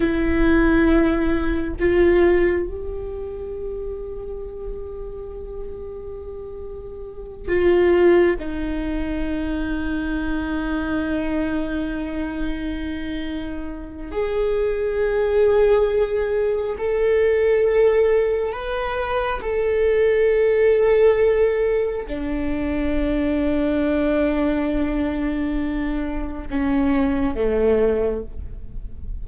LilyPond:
\new Staff \with { instrumentName = "viola" } { \time 4/4 \tempo 4 = 68 e'2 f'4 g'4~ | g'1~ | g'8 f'4 dis'2~ dis'8~ | dis'1 |
gis'2. a'4~ | a'4 b'4 a'2~ | a'4 d'2.~ | d'2 cis'4 a4 | }